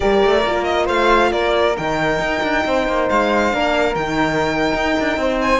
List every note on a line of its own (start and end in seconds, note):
0.00 0.23 G3
0.00 0.43 G4
0.00 0.85 A#4
0.00 0.64 D5
0.23 0.45 A3
0.46 0.88 A#3
0.46 1.76 F4
0.64 0.86 D#5
0.85 1.32 A3
0.85 1.29 C5
0.85 1.32 F5
1.32 1.76 A#3
1.32 2.64 A#4
1.32 1.76 D5
1.76 2.19 D#3
1.76 3.51 D#4
1.76 3.09 G5
2.19 2.41 D#4
2.42 2.64 D4
2.65 2.87 C4
2.65 3.54 C5
2.87 3.09 A#3
3.09 3.53 G#3
3.09 3.94 F5
3.51 3.95 A#3
3.51 3.95 D4
3.51 5.20 A#4
3.94 4.72 D#3
3.94 5.60 D#4
3.94 5.38 G5
4.73 4.95 D#4
4.99 5.17 D4
5.17 5.60 C4
5.17 5.60 C5
5.41 5.60 G#5